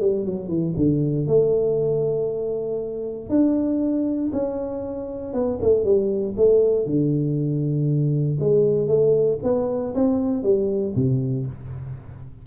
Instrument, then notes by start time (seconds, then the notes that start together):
tuba
0.00 G3
0.25 F#3
0.48 E3
0.76 D3
1.27 A3
3.29 D4
4.32 C#4
5.33 B3
5.62 A3
5.84 G3
6.36 A3
6.86 D3
8.39 G#3
8.88 A3
9.43 B3
9.94 C4
10.43 G3
10.95 C3